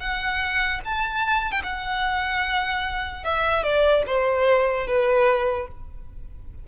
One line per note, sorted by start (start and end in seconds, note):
0.00 0.81 F#5
0.85 1.52 A5
1.52 1.62 G5
1.64 3.24 F#5
3.24 3.64 E5
3.64 4.04 D5
4.07 4.87 C5
4.87 5.68 B4